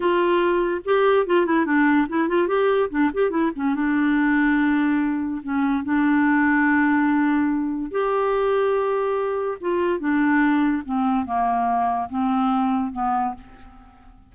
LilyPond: \new Staff \with { instrumentName = "clarinet" } { \time 4/4 \tempo 4 = 144 f'2 g'4 f'8 e'8 | d'4 e'8 f'8 g'4 d'8 g'8 | e'8 cis'8 d'2.~ | d'4 cis'4 d'2~ |
d'2. g'4~ | g'2. f'4 | d'2 c'4 ais4~ | ais4 c'2 b4 | }